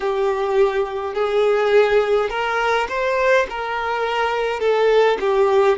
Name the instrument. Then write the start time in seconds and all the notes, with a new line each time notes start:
violin
0.00 G4
1.14 G#4
2.29 A#4
2.88 C5
3.49 A#4
4.59 A4
5.20 G4